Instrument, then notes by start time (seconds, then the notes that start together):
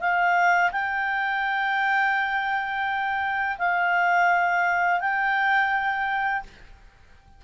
clarinet
0.00 F5
0.72 G5
3.58 F5
5.01 G5